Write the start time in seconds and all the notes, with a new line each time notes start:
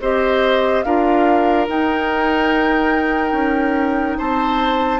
0.00 C4 G4 C5 D#5
0.82 D4 F4 A#4 F5
1.68 D#4 G5
3.32 C#4
4.18 C4 C5 A5